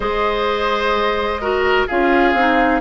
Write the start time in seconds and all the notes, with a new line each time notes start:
0.00 G#3 G#4 C5 D#5
1.41 F#4 A#4
1.87 C#4 F4 G#4 F5
2.33 C4 D#4